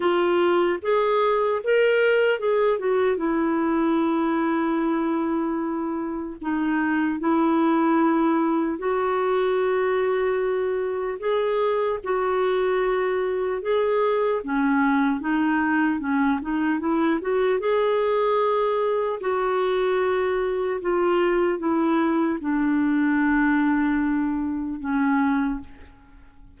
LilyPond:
\new Staff \with { instrumentName = "clarinet" } { \time 4/4 \tempo 4 = 75 f'4 gis'4 ais'4 gis'8 fis'8 | e'1 | dis'4 e'2 fis'4~ | fis'2 gis'4 fis'4~ |
fis'4 gis'4 cis'4 dis'4 | cis'8 dis'8 e'8 fis'8 gis'2 | fis'2 f'4 e'4 | d'2. cis'4 | }